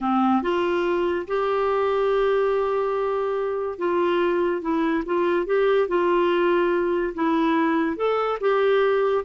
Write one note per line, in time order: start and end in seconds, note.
0.00 0.42 C4
0.42 1.26 F4
1.27 3.78 G4
3.78 4.61 F4
4.61 5.03 E4
5.05 5.46 F4
5.46 5.87 G4
5.87 7.13 F4
7.14 7.96 E4
7.96 8.38 A4
8.40 9.24 G4